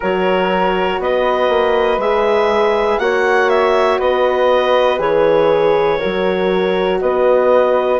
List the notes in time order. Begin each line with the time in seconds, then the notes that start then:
0.00 F#3 F#4 A#4 C#5
0.99 B3 B4 D#5
1.49 A#3
1.97 G#3 G#4 E5
2.99 A#3 F#4 C#5 F#5
3.49 E5
3.99 B3 B4 D#5
4.98 E3 G#4 C#5
5.99 F#3 F#4 A#4
7.00 B3 B4 D#5